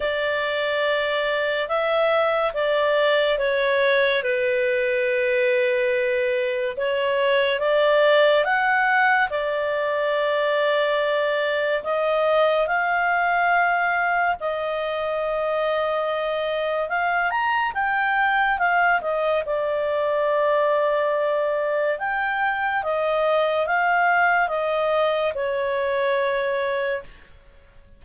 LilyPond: \new Staff \with { instrumentName = "clarinet" } { \time 4/4 \tempo 4 = 71 d''2 e''4 d''4 | cis''4 b'2. | cis''4 d''4 fis''4 d''4~ | d''2 dis''4 f''4~ |
f''4 dis''2. | f''8 ais''8 g''4 f''8 dis''8 d''4~ | d''2 g''4 dis''4 | f''4 dis''4 cis''2 | }